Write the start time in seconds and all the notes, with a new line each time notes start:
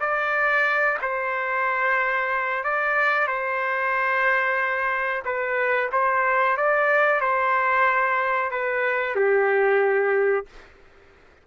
0.00 D5
1.02 C5
2.64 D5
3.27 C5
5.25 B4
5.92 C5
6.57 D5
7.20 C5
8.51 B4
9.16 G4